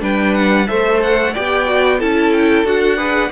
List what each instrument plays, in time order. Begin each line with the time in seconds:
0.00 cello G3, viola D4, violin B4 G5
0.35 violin F#5
0.67 cello A3, viola A4, violin C5 E5
1.03 violin F#5
1.34 cello B3, viola G4, violin D5 G5
1.66 viola F#4
1.98 cello C#4, viola E4, violin A4 A5
2.33 violin G5
2.64 cello D4, viola F#4, violin F#5
2.97 viola G#4, violin B4